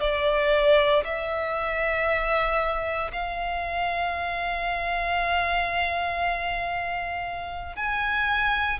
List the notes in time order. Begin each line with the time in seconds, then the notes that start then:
0.00 D5
1.04 E5
3.12 F5
7.76 G#5